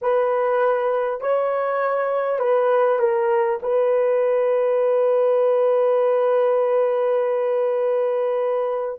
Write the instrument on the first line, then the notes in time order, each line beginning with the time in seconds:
horn
0.01 B4
1.21 C#5
2.39 B4
2.99 A#4
3.62 B4